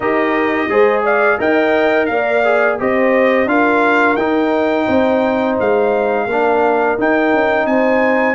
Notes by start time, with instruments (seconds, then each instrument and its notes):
0.00 tuba D#4, trombone G4, horn A#4, trumpet D#5
0.67 tuba G#3, trombone G#4, horn C5
1.03 horn D5, trumpet F5
1.39 tuba D#4, trombone A#4, horn D#5, trumpet G5
2.06 tuba A#3, horn D5, trumpet F5
2.44 trombone G#4
2.79 tuba C4, trombone G4, horn C5, trumpet D#5
3.46 tuba D4, trombone F4, horn A#4, trumpet F5
4.16 tuba D#4, trombone D#4, trumpet G5
4.85 tuba C4, horn C5
5.60 tuba G#3, trumpet F5
6.26 tuba A#3, trombone D4, horn A#4
6.98 trombone D#4, tuba D#4, trumpet G5
7.33 tuba C#4
7.65 tuba C4, horn C5, trumpet G#5